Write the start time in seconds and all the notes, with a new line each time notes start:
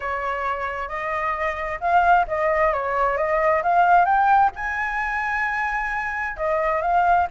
0.00 C#5
0.88 D#5
1.80 F5
2.27 D#5
2.73 C#5
3.17 D#5
3.62 F5
4.05 G5
4.55 G#5
6.36 D#5
6.81 F5